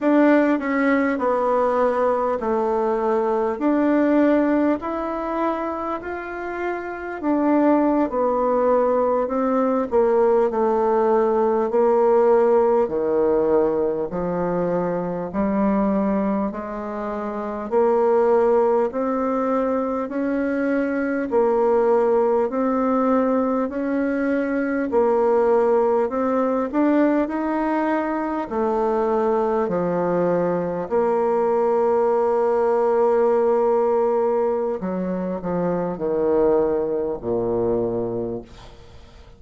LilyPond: \new Staff \with { instrumentName = "bassoon" } { \time 4/4 \tempo 4 = 50 d'8 cis'8 b4 a4 d'4 | e'4 f'4 d'8. b4 c'16~ | c'16 ais8 a4 ais4 dis4 f16~ | f8. g4 gis4 ais4 c'16~ |
c'8. cis'4 ais4 c'4 cis'16~ | cis'8. ais4 c'8 d'8 dis'4 a16~ | a8. f4 ais2~ ais16~ | ais4 fis8 f8 dis4 ais,4 | }